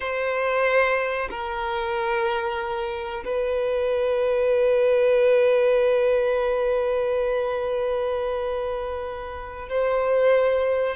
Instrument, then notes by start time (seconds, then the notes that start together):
violin
0.00 C5
1.30 A#4
3.24 B4
9.68 C5